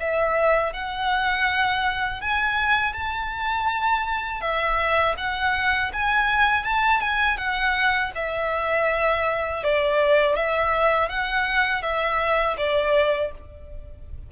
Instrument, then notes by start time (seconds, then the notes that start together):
violin
0.00 E5
0.73 F#5
2.21 G#5
2.94 A5
4.41 E5
5.18 F#5
5.93 G#5
6.64 A5
7.01 G#5
7.38 F#5
8.15 E5
9.64 D5
10.36 E5
11.09 F#5
11.82 E5
12.58 D5